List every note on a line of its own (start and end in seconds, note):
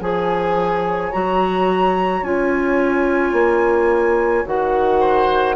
0.00 1.11 F3
0.00 1.12 G#4
0.00 5.00 C#5
0.00 1.12 G#5
1.12 2.22 F#3
1.12 2.23 F#4
1.12 2.23 A#5
2.22 3.32 C#4
2.22 4.45 F4
2.22 4.45 G#5
3.32 4.43 A#3
4.45 5.55 D#3
4.45 5.55 F#4
4.45 5.55 F#5
5.00 5.55 C5